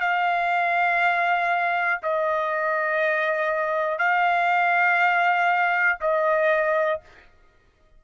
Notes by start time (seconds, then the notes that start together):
0.00 F5
2.02 D#5
3.99 F5
6.00 D#5